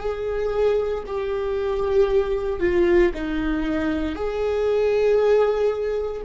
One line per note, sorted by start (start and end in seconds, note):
0.00 1.03 G#4
1.06 2.60 G4
2.60 3.12 F4
3.14 4.15 D#4
4.15 6.22 G#4